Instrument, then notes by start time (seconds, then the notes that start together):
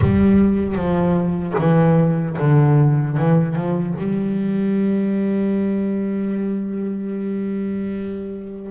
double bass
0.01 G3
0.75 F3
1.58 E3
2.38 D3
3.17 E3
3.55 F3
3.98 G3